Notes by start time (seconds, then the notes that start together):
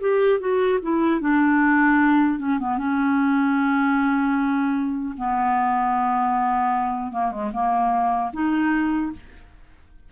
0.00 G4
0.39 F#4
0.82 E4
1.20 D4
2.39 C#4
2.59 B3
2.78 C#4
5.17 B3
7.12 A#3
7.31 G#3
7.53 A#3
8.33 D#4